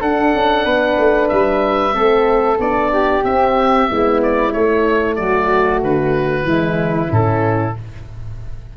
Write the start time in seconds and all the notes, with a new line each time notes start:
0.00 D4 A4 F#5
0.34 C#4
0.65 B3 B4
0.98 A3
1.28 G3 E5
1.92 A3 C4 A4
2.58 B3 D4 D5
2.91 G4
3.23 C4 E5
3.87 G#3 B3 E4
4.22 D5
4.53 A3 C#5
5.15 F#3 F#4 D5
5.82 D3 B4
6.43 E3 G#3 E4
7.08 A2 C#4 A4